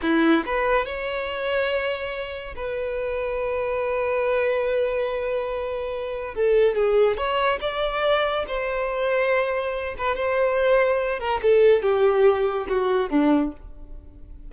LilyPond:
\new Staff \with { instrumentName = "violin" } { \time 4/4 \tempo 4 = 142 e'4 b'4 cis''2~ | cis''2 b'2~ | b'1~ | b'2. a'4 |
gis'4 cis''4 d''2 | c''2.~ c''8 b'8 | c''2~ c''8 ais'8 a'4 | g'2 fis'4 d'4 | }